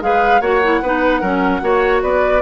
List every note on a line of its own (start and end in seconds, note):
0.00 0.40 G#3
0.00 0.41 G#4
0.00 0.41 B4
0.00 0.41 F5
0.40 0.80 A#3
0.40 0.61 F#4
0.40 0.81 C#5
0.40 2.01 F#5
0.63 0.83 E4
0.82 1.21 B3
0.82 1.22 D#4
0.82 1.21 B4
1.21 1.61 F#3
1.21 1.61 C#4
1.21 1.61 A#4
1.61 2.02 A#3
1.61 2.41 F#4
1.61 2.02 C#5
2.02 2.42 B3
2.02 2.42 B4
2.02 2.42 D5